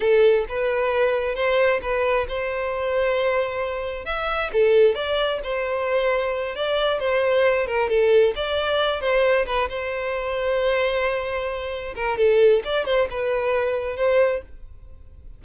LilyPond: \new Staff \with { instrumentName = "violin" } { \time 4/4 \tempo 4 = 133 a'4 b'2 c''4 | b'4 c''2.~ | c''4 e''4 a'4 d''4 | c''2~ c''8 d''4 c''8~ |
c''4 ais'8 a'4 d''4. | c''4 b'8 c''2~ c''8~ | c''2~ c''8 ais'8 a'4 | d''8 c''8 b'2 c''4 | }